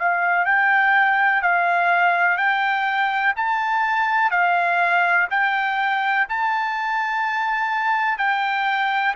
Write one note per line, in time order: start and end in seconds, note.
0.00 0.46 F5
0.46 1.43 G5
1.43 2.38 F5
2.38 3.34 G5
3.37 4.31 A5
4.31 5.28 F5
5.31 6.28 G5
6.29 8.19 A5
8.19 9.15 G5